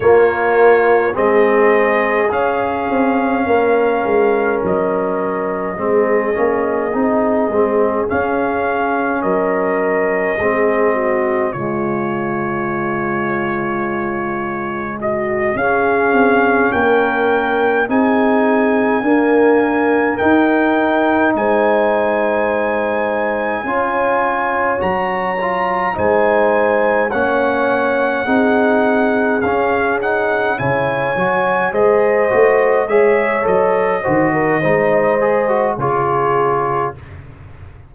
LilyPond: <<
  \new Staff \with { instrumentName = "trumpet" } { \time 4/4 \tempo 4 = 52 cis''4 dis''4 f''2 | dis''2. f''4 | dis''2 cis''2~ | cis''4 dis''8 f''4 g''4 gis''8~ |
gis''4. g''4 gis''4.~ | gis''4. ais''4 gis''4 fis''8~ | fis''4. f''8 fis''8 gis''4 dis''8~ | dis''8 e''8 dis''2 cis''4 | }
  \new Staff \with { instrumentName = "horn" } { \time 4/4 f'4 gis'2 ais'4~ | ais'4 gis'2. | ais'4 gis'8 fis'8 f'2~ | f'4 fis'8 gis'4 ais'4 gis'8~ |
gis'8 ais'2 c''4.~ | c''8 cis''2 c''4 cis''8~ | cis''8 gis'2 cis''4 c''8~ | c''8 cis''4 c''16 ais'16 c''4 gis'4 | }
  \new Staff \with { instrumentName = "trombone" } { \time 4/4 ais4 c'4 cis'2~ | cis'4 c'8 cis'8 dis'8 c'8 cis'4~ | cis'4 c'4 gis2~ | gis4. cis'2 dis'8~ |
dis'8 ais4 dis'2~ dis'8~ | dis'8 f'4 fis'8 f'8 dis'4 cis'8~ | cis'8 dis'4 cis'8 dis'8 e'8 fis'8 gis'8 | fis'8 gis'8 a'8 fis'8 dis'8 gis'16 fis'16 f'4 | }
  \new Staff \with { instrumentName = "tuba" } { \time 4/4 ais4 gis4 cis'8 c'8 ais8 gis8 | fis4 gis8 ais8 c'8 gis8 cis'4 | fis4 gis4 cis2~ | cis4. cis'8 c'8 ais4 c'8~ |
c'8 d'4 dis'4 gis4.~ | gis8 cis'4 fis4 gis4 ais8~ | ais8 c'4 cis'4 cis8 fis8 gis8 | a8 gis8 fis8 dis8 gis4 cis4 | }
>>